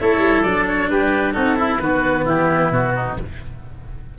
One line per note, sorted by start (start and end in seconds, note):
0.00 0.18 A3
0.00 0.44 E4
0.00 0.91 A4
0.00 0.42 C#5
0.18 0.41 G3
0.42 0.90 F#3
0.42 1.34 D4
0.42 0.65 D5
0.68 0.89 C#5
0.89 1.36 G3
0.89 1.34 G4
0.89 1.34 B4
1.34 1.79 C4
1.34 1.56 D#4
1.34 1.57 F#4
1.34 1.79 A4
1.56 1.79 E4
1.56 1.82 E4
1.79 2.25 D#3
1.79 3.17 B3
1.79 2.25 F#4
1.79 2.25 B4
2.25 2.71 E3
2.25 2.93 E4
2.25 2.72 G4
2.71 3.17 B2
2.71 3.18 F#4
2.96 3.18 D#4